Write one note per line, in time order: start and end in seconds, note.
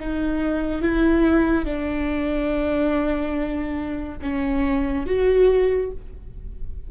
0.00 0.82 D#4
0.82 1.65 E4
1.65 4.18 D4
4.22 5.06 C#4
5.06 5.91 F#4